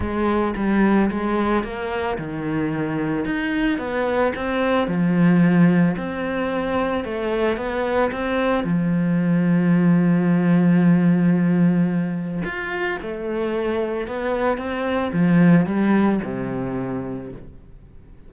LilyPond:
\new Staff \with { instrumentName = "cello" } { \time 4/4 \tempo 4 = 111 gis4 g4 gis4 ais4 | dis2 dis'4 b4 | c'4 f2 c'4~ | c'4 a4 b4 c'4 |
f1~ | f2. f'4 | a2 b4 c'4 | f4 g4 c2 | }